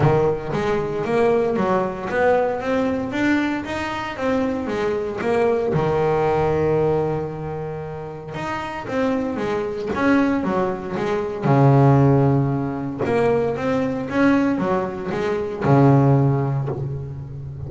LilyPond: \new Staff \with { instrumentName = "double bass" } { \time 4/4 \tempo 4 = 115 dis4 gis4 ais4 fis4 | b4 c'4 d'4 dis'4 | c'4 gis4 ais4 dis4~ | dis1 |
dis'4 c'4 gis4 cis'4 | fis4 gis4 cis2~ | cis4 ais4 c'4 cis'4 | fis4 gis4 cis2 | }